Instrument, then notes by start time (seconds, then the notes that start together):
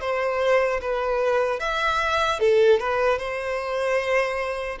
violin
0.00 C5
0.81 B4
1.59 E5
2.39 A4
2.79 B4
3.18 C5